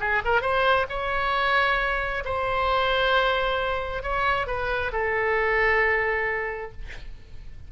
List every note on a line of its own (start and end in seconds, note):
0.00 0.22 G#4
0.25 0.42 A#4
0.42 0.86 C5
0.89 2.24 C#5
2.25 4.03 C5
4.03 4.47 C#5
4.47 4.92 B4
4.93 6.72 A4